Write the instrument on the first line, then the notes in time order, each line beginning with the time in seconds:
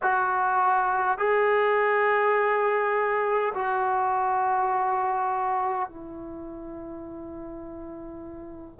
trombone
0.02 F#4
1.18 G#4
3.54 F#4
5.88 E4